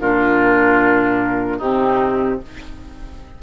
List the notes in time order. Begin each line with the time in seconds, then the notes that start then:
0.00 A#2 D4 F4 A#4
1.58 C3 C4 D#4 G4